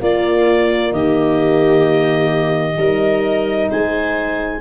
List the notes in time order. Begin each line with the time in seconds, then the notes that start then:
0.00 A#3 F4 D5
0.93 D#3 G4 D#5
2.77 G3 D#4 A#4
3.71 G#3 C5 G#5